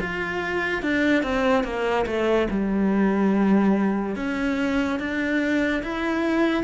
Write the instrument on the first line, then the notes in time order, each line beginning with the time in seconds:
cello
0.00 F4
0.82 D4
1.23 C4
1.64 A#3
2.06 A3
2.50 G3
4.16 C#4
4.99 D4
5.83 E4